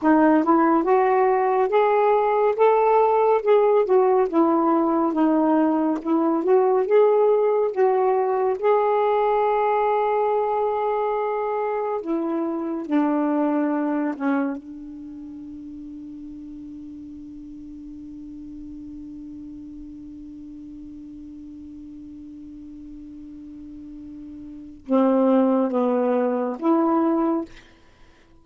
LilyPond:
\new Staff \with { instrumentName = "saxophone" } { \time 4/4 \tempo 4 = 70 dis'8 e'8 fis'4 gis'4 a'4 | gis'8 fis'8 e'4 dis'4 e'8 fis'8 | gis'4 fis'4 gis'2~ | gis'2 e'4 d'4~ |
d'8 cis'8 d'2.~ | d'1~ | d'1~ | d'4 c'4 b4 e'4 | }